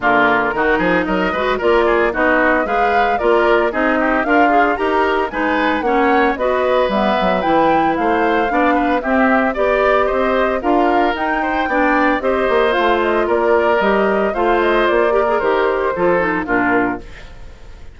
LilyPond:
<<
  \new Staff \with { instrumentName = "flute" } { \time 4/4 \tempo 4 = 113 ais'2 dis''4 d''4 | dis''4 f''4 d''4 dis''4 | f''4 ais''4 gis''4 fis''4 | dis''4 e''4 g''4 f''4~ |
f''4 e''4 d''4 dis''4 | f''4 g''2 dis''4 | f''8 dis''8 d''4 dis''4 f''8 dis''8 | d''4 c''2 ais'4 | }
  \new Staff \with { instrumentName = "oboe" } { \time 4/4 f'4 fis'8 gis'8 ais'8 b'8 ais'8 gis'8 | fis'4 b'4 ais'4 gis'8 g'8 | f'4 ais'4 b'4 cis''4 | b'2. c''4 |
d''8 b'8 g'4 d''4 c''4 | ais'4. c''8 d''4 c''4~ | c''4 ais'2 c''4~ | c''8 ais'4. a'4 f'4 | }
  \new Staff \with { instrumentName = "clarinet" } { \time 4/4 ais4 dis'4. fis'8 f'4 | dis'4 gis'4 f'4 dis'4 | ais'8 gis'8 g'4 dis'4 cis'4 | fis'4 b4 e'2 |
d'4 c'4 g'2 | f'4 dis'4 d'4 g'4 | f'2 g'4 f'4~ | f'8 g'16 gis'16 g'4 f'8 dis'8 d'4 | }
  \new Staff \with { instrumentName = "bassoon" } { \time 4/4 d4 dis8 f8 fis8 gis8 ais4 | b4 gis4 ais4 c'4 | d'4 dis'4 gis4 ais4 | b4 g8 fis8 e4 a4 |
b4 c'4 b4 c'4 | d'4 dis'4 b4 c'8 ais8 | a4 ais4 g4 a4 | ais4 dis4 f4 ais,4 | }
>>